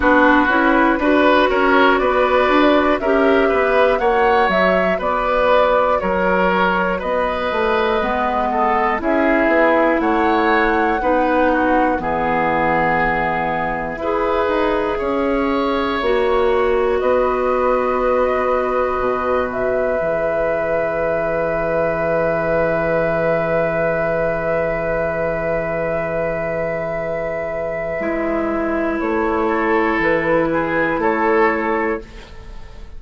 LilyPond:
<<
  \new Staff \with { instrumentName = "flute" } { \time 4/4 \tempo 4 = 60 b'4. cis''8 d''4 e''4 | fis''8 e''8 d''4 cis''4 dis''4~ | dis''4 e''4 fis''2 | e''1~ |
e''4 dis''2~ dis''8 e''8~ | e''1~ | e''1~ | e''4 cis''4 b'4 cis''4 | }
  \new Staff \with { instrumentName = "oboe" } { \time 4/4 fis'4 b'8 ais'8 b'4 ais'8 b'8 | cis''4 b'4 ais'4 b'4~ | b'8 a'8 gis'4 cis''4 b'8 fis'8 | gis'2 b'4 cis''4~ |
cis''4 b'2.~ | b'1~ | b'1~ | b'4. a'4 gis'8 a'4 | }
  \new Staff \with { instrumentName = "clarinet" } { \time 4/4 d'8 e'8 fis'2 g'4 | fis'1 | b4 e'2 dis'4 | b2 gis'2 |
fis'1 | gis'1~ | gis'1 | e'1 | }
  \new Staff \with { instrumentName = "bassoon" } { \time 4/4 b8 cis'8 d'8 cis'8 b8 d'8 cis'8 b8 | ais8 fis8 b4 fis4 b8 a8 | gis4 cis'8 b8 a4 b4 | e2 e'8 dis'8 cis'4 |
ais4 b2 b,4 | e1~ | e1 | gis4 a4 e4 a4 | }
>>